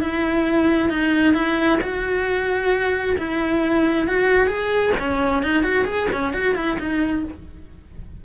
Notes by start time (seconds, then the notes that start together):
0.00 E4
0.89 D#4
1.34 E4
1.81 F#4
3.18 E4
4.07 F#4
4.47 G#4
4.99 C#4
5.43 D#4
5.63 F#4
5.85 G#4
6.12 C#4
6.33 F#4
6.55 E4
6.79 D#4